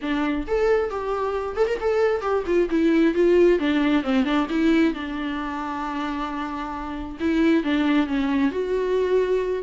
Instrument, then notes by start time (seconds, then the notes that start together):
viola
0.01 D4
0.47 A4
0.90 G4
1.56 A4
1.67 A#4
1.80 A4
2.21 G4
2.46 F4
2.69 E4
3.14 F4
3.59 D4
4.03 C4
4.24 D4
4.49 E4
4.93 D4
7.20 E4
7.63 D4
8.07 C#4
8.51 F#4